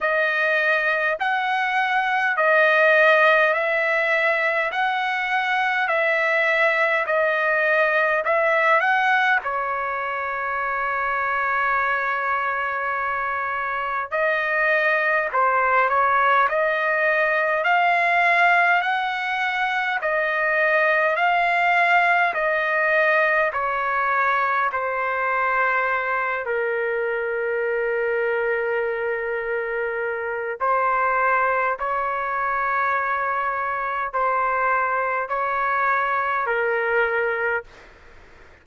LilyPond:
\new Staff \with { instrumentName = "trumpet" } { \time 4/4 \tempo 4 = 51 dis''4 fis''4 dis''4 e''4 | fis''4 e''4 dis''4 e''8 fis''8 | cis''1 | dis''4 c''8 cis''8 dis''4 f''4 |
fis''4 dis''4 f''4 dis''4 | cis''4 c''4. ais'4.~ | ais'2 c''4 cis''4~ | cis''4 c''4 cis''4 ais'4 | }